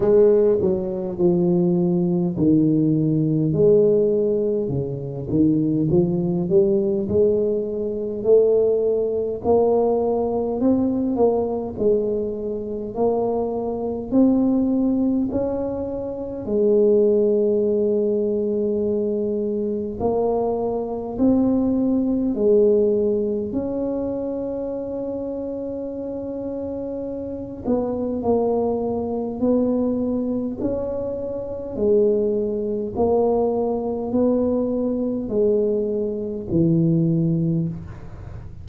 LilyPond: \new Staff \with { instrumentName = "tuba" } { \time 4/4 \tempo 4 = 51 gis8 fis8 f4 dis4 gis4 | cis8 dis8 f8 g8 gis4 a4 | ais4 c'8 ais8 gis4 ais4 | c'4 cis'4 gis2~ |
gis4 ais4 c'4 gis4 | cis'2.~ cis'8 b8 | ais4 b4 cis'4 gis4 | ais4 b4 gis4 e4 | }